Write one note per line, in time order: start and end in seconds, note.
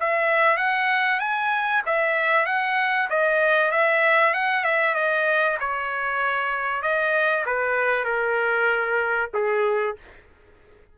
0.00 0.57 E5
0.57 1.19 F#5
1.20 1.82 G#5
1.86 2.46 E5
2.46 3.08 F#5
3.10 3.71 D#5
3.71 4.34 E5
4.34 4.64 F#5
4.64 4.95 E5
4.95 5.57 D#5
5.59 6.82 C#5
6.82 7.45 D#5
7.45 8.05 B4
8.05 9.30 A#4
9.34 9.96 G#4